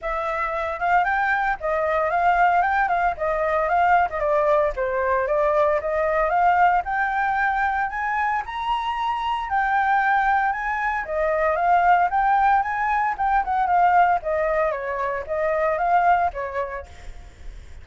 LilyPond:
\new Staff \with { instrumentName = "flute" } { \time 4/4 \tempo 4 = 114 e''4. f''8 g''4 dis''4 | f''4 g''8 f''8 dis''4 f''8. dis''16 | d''4 c''4 d''4 dis''4 | f''4 g''2 gis''4 |
ais''2 g''2 | gis''4 dis''4 f''4 g''4 | gis''4 g''8 fis''8 f''4 dis''4 | cis''4 dis''4 f''4 cis''4 | }